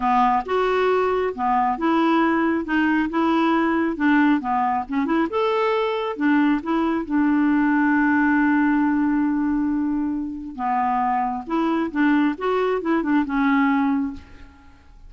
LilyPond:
\new Staff \with { instrumentName = "clarinet" } { \time 4/4 \tempo 4 = 136 b4 fis'2 b4 | e'2 dis'4 e'4~ | e'4 d'4 b4 cis'8 e'8 | a'2 d'4 e'4 |
d'1~ | d'1 | b2 e'4 d'4 | fis'4 e'8 d'8 cis'2 | }